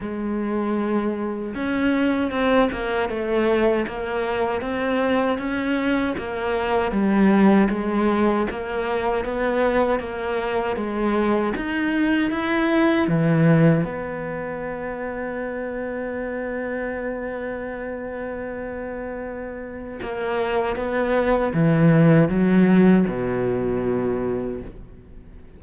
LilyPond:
\new Staff \with { instrumentName = "cello" } { \time 4/4 \tempo 4 = 78 gis2 cis'4 c'8 ais8 | a4 ais4 c'4 cis'4 | ais4 g4 gis4 ais4 | b4 ais4 gis4 dis'4 |
e'4 e4 b2~ | b1~ | b2 ais4 b4 | e4 fis4 b,2 | }